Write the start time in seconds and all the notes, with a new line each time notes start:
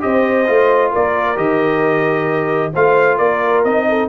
0.00 C4 G4 C5 D#5
0.47 A3 F4
0.92 A#3 A#4 D5
1.36 D#3 G4 D#5
2.73 A3 F4 C5 F5
3.18 A#3 A#4 D5
3.64 C4 D#4 D#5
3.88 A4